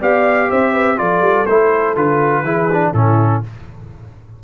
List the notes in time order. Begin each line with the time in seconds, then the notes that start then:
0.00 B3 G4 D5 F5
0.49 C4 C5 E5
0.73 B4
0.97 F3 F4 A4 D5
1.21 G3
1.46 A3 E4 C5
1.96 D3 F4 B4
2.43 E3 E4 G#4
2.73 D4
2.93 A2 C#4 E4 A4